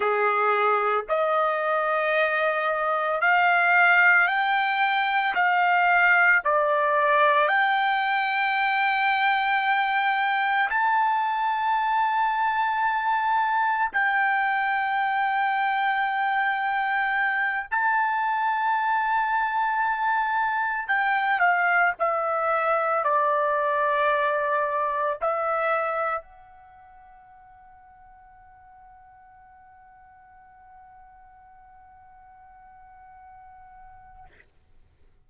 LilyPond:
\new Staff \with { instrumentName = "trumpet" } { \time 4/4 \tempo 4 = 56 gis'4 dis''2 f''4 | g''4 f''4 d''4 g''4~ | g''2 a''2~ | a''4 g''2.~ |
g''8 a''2. g''8 | f''8 e''4 d''2 e''8~ | e''8 fis''2.~ fis''8~ | fis''1 | }